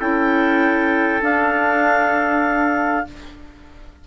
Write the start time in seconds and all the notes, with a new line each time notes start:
0.00 C#4 E4 A4 G5
1.22 D4 F5